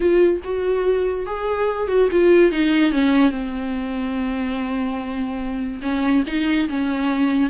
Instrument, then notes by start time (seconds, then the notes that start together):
viola
0.00 F4
0.43 F#4
1.26 G#4
1.88 F#4
2.11 F4
2.51 D#4
2.92 C#4
3.30 C4
5.81 C#4
6.27 D#4
6.68 C#4